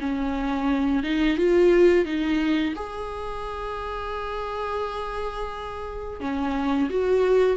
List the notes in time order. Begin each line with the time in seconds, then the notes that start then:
0.00 C#4
1.03 D#4
1.37 F4
2.05 D#4
2.76 G#4
6.20 C#4
6.90 F#4